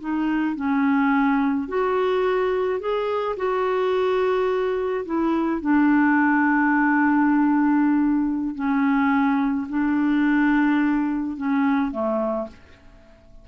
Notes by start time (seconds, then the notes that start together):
0.00 D#4
0.56 C#4
1.68 F#4
2.80 G#4
3.36 F#4
5.05 E4
5.61 D4
8.55 C#4
9.69 D4
11.37 C#4
11.91 A3